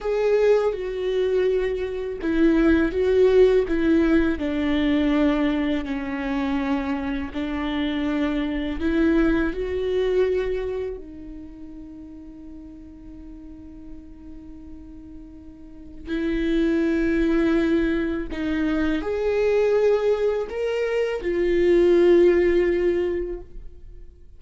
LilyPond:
\new Staff \with { instrumentName = "viola" } { \time 4/4 \tempo 4 = 82 gis'4 fis'2 e'4 | fis'4 e'4 d'2 | cis'2 d'2 | e'4 fis'2 dis'4~ |
dis'1~ | dis'2 e'2~ | e'4 dis'4 gis'2 | ais'4 f'2. | }